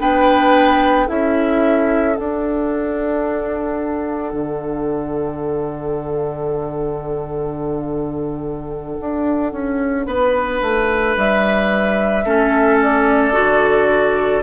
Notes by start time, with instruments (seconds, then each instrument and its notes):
0.00 bassoon B3, clarinet D4, oboe B4, flute G5
1.06 bassoon C#4, clarinet E4, oboe A4, flute E5
2.15 clarinet D4, bassoon D4, flute F#5
4.33 bassoon D3
9.01 bassoon D4
9.53 bassoon C#4
10.06 bassoon B3, oboe B4
10.62 bassoon A3
11.17 bassoon G3, flute E5
12.25 bassoon A3, clarinet C#4, oboe A4
12.82 flute D5
13.33 bassoon D3, clarinet F#4